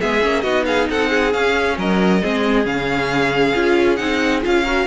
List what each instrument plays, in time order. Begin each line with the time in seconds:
0.00 cello G#3, viola B3, violin G#4 E5
0.21 cello A#3, viola C#4
0.42 cello B3, viola D#4, violin F#4 D#5
0.65 violin G#4 F5
0.89 cello C4, violin A4 F#5
1.09 violin G#4
1.32 viola C#4, cello C#4, violin F5
1.78 cello F#3, violin A#4 D#5
2.22 cello G#3, viola C4, violin G#4
2.64 cello C#3, viola C#4, violin F5
3.55 cello C#4, viola F4
3.96 cello C4, viola D#4, violin F#5
4.42 cello C#4, viola F4, violin F5
4.63 viola F#4, violin A#4